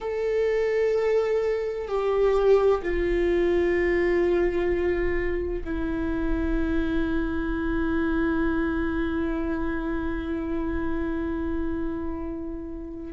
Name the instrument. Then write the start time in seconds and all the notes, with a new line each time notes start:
viola
0.00 A4
1.87 G4
2.82 F4
5.64 E4